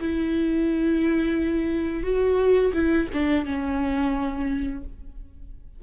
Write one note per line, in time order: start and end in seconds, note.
0.00 2.03 E4
2.03 2.72 F#4
2.73 3.08 E4
3.13 3.45 D4
3.45 4.83 C#4